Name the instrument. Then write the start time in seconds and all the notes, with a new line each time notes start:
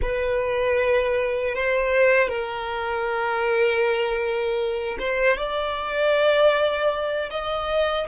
violin
0.01 B4
1.54 C5
2.28 A#4
4.99 C5
5.37 D5
7.30 D#5